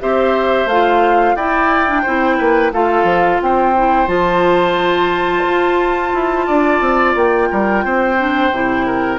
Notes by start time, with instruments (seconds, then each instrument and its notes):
0.00 bassoon C4, clarinet G4, oboe C5, flute E5
0.66 bassoon A3, clarinet F4, flute F5
1.36 bassoon E4, clarinet E4, oboe D5, flute G5
1.87 clarinet D4
2.02 bassoon C4, clarinet E4, oboe C5
2.38 bassoon A#3, oboe B4
2.72 bassoon A3, clarinet F4, oboe A4, flute F5
3.03 bassoon F3
3.42 bassoon C4, oboe C5, flute G5
3.76 clarinet E4
4.07 bassoon F3, clarinet F4, flute A5
5.45 bassoon F4
6.13 bassoon E4
6.46 bassoon D4, oboe D5
6.81 bassoon C4
7.15 bassoon A#3, flute G5
7.51 bassoon G3, oboe A#4
7.85 bassoon C4, oboe C5
8.18 clarinet D4
8.51 bassoon C3, clarinet E4
8.86 oboe A#4